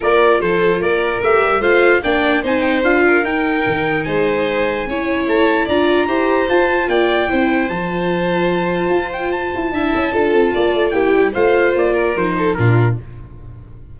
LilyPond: <<
  \new Staff \with { instrumentName = "trumpet" } { \time 4/4 \tempo 4 = 148 d''4 c''4 d''4 e''4 | f''4 g''4 gis''8 g''8 f''4 | g''2 gis''2~ | gis''4 a''4 ais''2 |
a''4 g''2 a''4~ | a''2~ a''8 g''8 a''4~ | a''2. g''4 | f''4 d''4 c''4 ais'4 | }
  \new Staff \with { instrumentName = "violin" } { \time 4/4 ais'4 a'4 ais'2 | c''4 d''4 c''4. ais'8~ | ais'2 c''2 | cis''2 d''4 c''4~ |
c''4 d''4 c''2~ | c''1 | e''4 a'4 d''4 g'4 | c''4. ais'4 a'8 f'4 | }
  \new Staff \with { instrumentName = "viola" } { \time 4/4 f'2. g'4 | f'4 d'4 dis'4 f'4 | dis'1 | e'2 f'4 g'4 |
f'2 e'4 f'4~ | f'1 | e'4 f'2 e'4 | f'2 dis'4 d'4 | }
  \new Staff \with { instrumentName = "tuba" } { \time 4/4 ais4 f4 ais4 a8 g8 | a4 ais4 c'4 d'4 | dis'4 dis4 gis2 | cis'4 a4 d'4 e'4 |
f'4 ais4 c'4 f4~ | f2 f'4. e'8 | d'8 cis'8 d'8 c'8 ais8 a8 ais8 g8 | a4 ais4 f4 ais,4 | }
>>